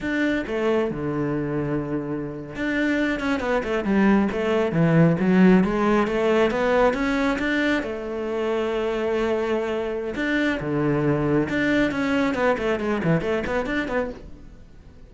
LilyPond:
\new Staff \with { instrumentName = "cello" } { \time 4/4 \tempo 4 = 136 d'4 a4 d2~ | d4.~ d16 d'4. cis'8 b16~ | b16 a8 g4 a4 e4 fis16~ | fis8. gis4 a4 b4 cis'16~ |
cis'8. d'4 a2~ a16~ | a2. d'4 | d2 d'4 cis'4 | b8 a8 gis8 e8 a8 b8 d'8 b8 | }